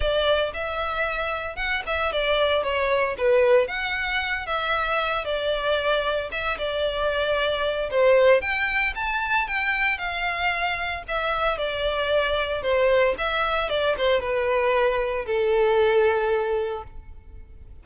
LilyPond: \new Staff \with { instrumentName = "violin" } { \time 4/4 \tempo 4 = 114 d''4 e''2 fis''8 e''8 | d''4 cis''4 b'4 fis''4~ | fis''8 e''4. d''2 | e''8 d''2~ d''8 c''4 |
g''4 a''4 g''4 f''4~ | f''4 e''4 d''2 | c''4 e''4 d''8 c''8 b'4~ | b'4 a'2. | }